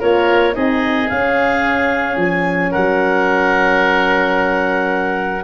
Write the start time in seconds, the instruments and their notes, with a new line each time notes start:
0.00 tuba A#3, horn F4, oboe A#4, clarinet C#5
0.53 tuba C4, horn D#4, oboe G#4, clarinet D#5
1.09 horn C#4, tuba C#4, clarinet F5
2.17 tuba F3, clarinet G#5
2.71 tuba F#3, oboe A#4, clarinet F#5